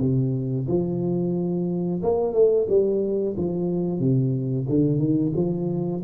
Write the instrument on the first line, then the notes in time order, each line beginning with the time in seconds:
tuba
0.00 C3
0.68 F3
2.03 A#3
2.33 A3
2.69 G3
3.37 F3
4.00 C3
4.69 D3
4.98 D#3
5.36 F3